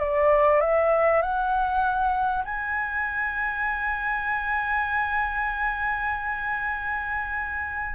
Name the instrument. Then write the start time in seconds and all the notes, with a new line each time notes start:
flute
0.00 D5
0.61 E5
1.22 F#5
2.45 G#5